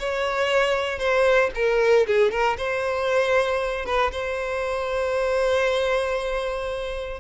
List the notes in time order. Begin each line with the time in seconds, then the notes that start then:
0.00 C#5
0.99 C5
1.55 A#4
2.07 G#4
2.32 A#4
2.58 C5
3.86 B4
4.12 C5